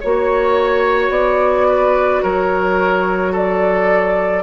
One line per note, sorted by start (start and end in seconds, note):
0.00 1.09 A#3
0.00 4.43 F#4
0.00 1.67 C#5
0.00 1.11 C#5
1.09 2.20 B3
1.09 2.22 D5
1.68 2.22 B4
2.22 4.43 F#3
2.22 3.31 A#4
2.22 3.34 C#5
3.31 4.43 A4
3.31 4.43 D5